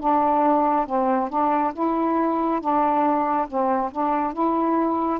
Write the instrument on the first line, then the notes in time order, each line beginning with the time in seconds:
saxophone
0.00 D4
0.87 C4
1.30 D4
1.74 E4
2.61 D4
3.48 C4
3.92 D4
4.34 E4